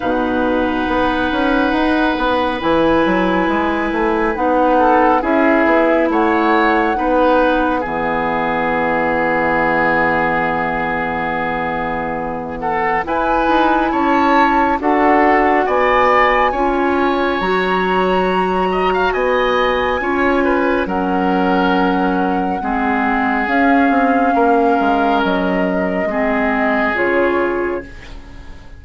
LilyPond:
<<
  \new Staff \with { instrumentName = "flute" } { \time 4/4 \tempo 4 = 69 fis''2. gis''4~ | gis''4 fis''4 e''4 fis''4~ | fis''4 e''2.~ | e''2~ e''8 fis''8 gis''4 |
a''4 fis''4 gis''2 | ais''2 gis''2 | fis''2. f''4~ | f''4 dis''2 cis''4 | }
  \new Staff \with { instrumentName = "oboe" } { \time 4/4 b'1~ | b'4. a'8 gis'4 cis''4 | b'4 gis'2.~ | gis'2~ gis'8 a'8 b'4 |
cis''4 a'4 d''4 cis''4~ | cis''4. dis''16 f''16 dis''4 cis''8 b'8 | ais'2 gis'2 | ais'2 gis'2 | }
  \new Staff \with { instrumentName = "clarinet" } { \time 4/4 dis'2. e'4~ | e'4 dis'4 e'2 | dis'4 b2.~ | b2. e'4~ |
e'4 fis'2 f'4 | fis'2. f'4 | cis'2 c'4 cis'4~ | cis'2 c'4 f'4 | }
  \new Staff \with { instrumentName = "bassoon" } { \time 4/4 b,4 b8 cis'8 dis'8 b8 e8 fis8 | gis8 a8 b4 cis'8 b8 a4 | b4 e2.~ | e2. e'8 dis'8 |
cis'4 d'4 b4 cis'4 | fis2 b4 cis'4 | fis2 gis4 cis'8 c'8 | ais8 gis8 fis4 gis4 cis4 | }
>>